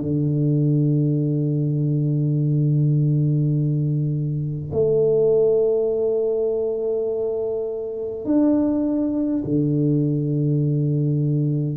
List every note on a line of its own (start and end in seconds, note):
0.00 4.71 D3
4.72 8.25 A3
8.25 9.42 D4
9.44 11.76 D3